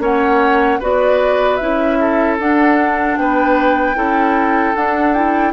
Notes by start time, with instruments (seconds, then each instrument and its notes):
0.00 bassoon A#3, clarinet C#4, oboe C#5, flute F#5
0.80 bassoon B3, clarinet F#4, oboe B4, flute D5
1.57 bassoon C#4, clarinet E4, flute E5
2.01 oboe A4
2.39 bassoon D4, clarinet D4, flute F#5
3.18 bassoon B3, oboe B4, flute G5
3.95 bassoon C#4, clarinet E4, oboe A4
4.76 bassoon D4, clarinet D4, flute F#5
5.13 clarinet E4, flute G5